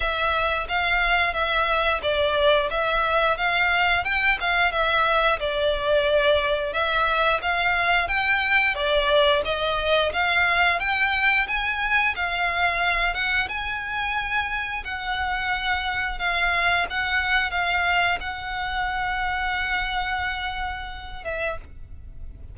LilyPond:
\new Staff \with { instrumentName = "violin" } { \time 4/4 \tempo 4 = 89 e''4 f''4 e''4 d''4 | e''4 f''4 g''8 f''8 e''4 | d''2 e''4 f''4 | g''4 d''4 dis''4 f''4 |
g''4 gis''4 f''4. fis''8 | gis''2 fis''2 | f''4 fis''4 f''4 fis''4~ | fis''2.~ fis''8 e''8 | }